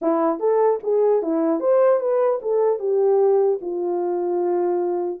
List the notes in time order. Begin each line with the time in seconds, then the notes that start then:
0.01 E4
0.39 A4
0.83 G#4
1.22 E4
1.60 C5
2.00 B4
2.42 A4
2.79 G4
3.61 F4